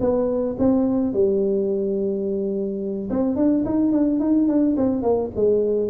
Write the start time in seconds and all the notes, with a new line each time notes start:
0.00 B3
0.59 C4
1.13 G3
3.10 C4
3.36 D4
3.65 D#4
3.92 D4
4.20 D#4
4.48 D4
4.76 C4
5.02 A#3
5.35 G#3